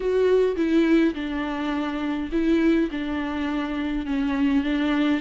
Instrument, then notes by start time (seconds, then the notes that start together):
viola
0.00 F#4
0.56 E4
1.14 D4
2.32 E4
2.91 D4
4.05 C#4
4.63 D4